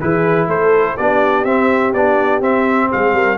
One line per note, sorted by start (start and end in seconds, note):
0.00 0.47 E3
0.00 0.97 E4
0.00 0.47 G#4
0.00 0.48 B4
0.47 0.96 A3
0.47 0.96 A4
0.47 0.97 C5
0.97 1.44 B3
0.97 1.46 D4
0.97 2.90 G4
0.97 1.45 D5
1.44 1.93 C4
1.44 1.94 C4
1.44 1.93 E5
1.93 2.41 B3
1.93 2.41 D4
1.93 2.42 D5
2.41 2.89 C4
2.41 3.38 C4
2.41 2.91 E5
2.91 3.13 G#3
2.91 3.14 G#4
2.91 3.38 F5
3.13 3.37 G3
3.13 3.38 A#4